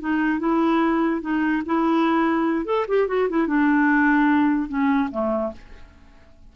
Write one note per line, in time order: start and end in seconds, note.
0.00 0.39 D#4
0.39 1.21 E4
1.21 1.63 D#4
1.66 2.65 E4
2.65 2.86 A4
2.88 3.08 G4
3.08 3.28 F#4
3.29 3.47 E4
3.47 4.68 D4
4.68 5.09 C#4
5.11 5.52 A3